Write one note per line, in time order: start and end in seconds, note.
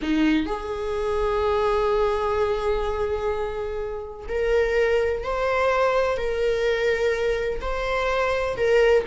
0.02 0.45 D#4
0.45 4.26 G#4
4.28 5.23 A#4
5.23 6.17 C5
6.17 7.60 A#4
7.61 8.56 C5
8.56 9.04 A#4